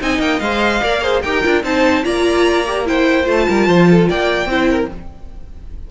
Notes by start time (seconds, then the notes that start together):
0.00 C4 D#4 D#5 G#5
0.19 A#3 G5
0.40 G#3 C5 F5
0.83 A#3 A#4 D5
1.02 G#4 C5
1.22 D#4 G4 A#4 G5
1.43 D4 F4
1.63 C4 D#4 C5 A5
2.03 A#3 F4 D5 A#5
2.66 G4
2.86 E4 C5 G5
3.24 A3 F4
3.31 A5
3.48 G3 A#4
3.67 F3 C5
3.90 A4
4.09 A#3 D5 G5
4.46 C4 E4 C5
4.70 A#4